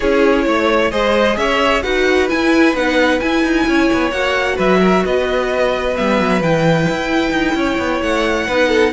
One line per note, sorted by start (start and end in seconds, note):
0.00 0.46 C#4
0.00 0.91 E4
0.00 0.44 G#4
0.00 0.91 C#5
0.46 0.92 A3
0.46 0.91 C#5
0.91 1.37 G#3
0.91 1.83 G#4
0.91 1.37 C5
0.91 1.37 D#5
1.37 1.82 C#4
1.37 1.83 C#5
1.37 1.82 E5
1.82 2.30 D#4
1.82 2.28 F#4
1.82 3.66 B4
1.82 2.28 F#5
2.28 2.74 E4
2.28 2.73 E4
2.28 2.75 G#5
2.73 3.19 B3
2.73 3.20 D#4
2.73 3.19 F#5
3.19 4.11 E4
3.19 3.43 E4
3.19 4.11 G#5
3.43 3.66 D#4
3.66 3.89 C#4
3.66 4.55 C#5
3.92 4.12 B3
4.11 4.57 A#3
4.11 5.95 F#4
4.11 4.57 F#5
4.55 5.04 F#3
4.55 4.78 B4
4.55 5.05 E5
4.80 5.03 A#4
5.05 5.97 B3
5.05 7.57 B4
5.05 5.96 D#5
5.95 6.19 G3
5.95 6.41 B3
5.95 6.42 E5
6.19 6.41 F#3
6.41 6.87 E3
6.41 8.50 E4
6.41 8.02 G5
6.88 7.31 E4
7.31 7.53 D#4
7.54 7.77 C#4
7.54 8.47 C#5
7.78 8.01 B3
8.02 8.47 A3
8.02 8.92 F#5
8.47 8.92 B3
8.47 8.92 D#4
8.47 8.68 B4
8.68 8.91 A4